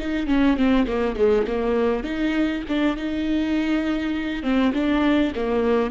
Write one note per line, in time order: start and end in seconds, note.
0.00 0.28 D#4
0.28 0.57 C#4
0.57 0.87 C4
0.87 1.16 A#3
1.16 1.46 G#3
1.47 2.04 A#3
2.04 2.64 D#4
2.69 2.97 D4
2.97 4.43 D#4
4.43 4.73 C4
4.74 5.34 D4
5.36 5.91 A#3